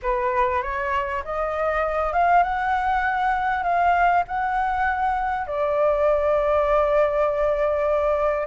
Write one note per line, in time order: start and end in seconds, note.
0.02 0.62 B4
0.62 1.23 C#5
1.24 2.12 D#5
2.12 2.43 F5
2.43 3.63 F#5
3.63 4.23 F5
4.27 5.46 F#5
5.46 8.47 D5